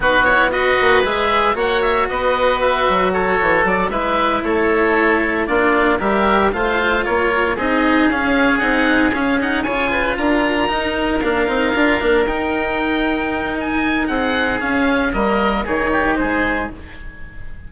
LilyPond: <<
  \new Staff \with { instrumentName = "oboe" } { \time 4/4 \tempo 4 = 115 b'8 cis''8 dis''4 e''4 fis''8 e''8 | dis''4 e''4 cis''4 d''8 e''8~ | e''8 cis''2 d''4 e''8~ | e''8 f''4 cis''4 dis''4 f''8~ |
f''8 fis''4 f''8 fis''8 gis''4 ais''8~ | ais''4. f''2 g''8~ | g''2 gis''4 fis''4 | f''4 dis''4 cis''4 c''4 | }
  \new Staff \with { instrumentName = "oboe" } { \time 4/4 fis'4 b'2 cis''4 | b'2 a'4. b'8~ | b'8 a'2 f'4 ais'8~ | ais'8 c''4 ais'4 gis'4.~ |
gis'2~ gis'8 cis''8 b'8 ais'8~ | ais'1~ | ais'2. gis'4~ | gis'4 ais'4 gis'8 g'8 gis'4 | }
  \new Staff \with { instrumentName = "cello" } { \time 4/4 dis'8 e'8 fis'4 gis'4 fis'4~ | fis'2.~ fis'8 e'8~ | e'2~ e'8 d'4 g'8~ | g'8 f'2 dis'4 cis'8~ |
cis'8 dis'4 cis'8 dis'8 f'4.~ | f'8 dis'4 d'8 dis'8 f'8 d'8 dis'8~ | dis'1 | cis'4 ais4 dis'2 | }
  \new Staff \with { instrumentName = "bassoon" } { \time 4/4 b4. ais8 gis4 ais4 | b4. fis4 e8 fis8 gis8~ | gis8 a2 ais4 g8~ | g8 a4 ais4 c'4 cis'8~ |
cis'8 c'4 cis'4 cis4 d'8~ | d'8 dis'4 ais8 c'8 d'8 ais8 dis'8~ | dis'2. c'4 | cis'4 g4 dis4 gis4 | }
>>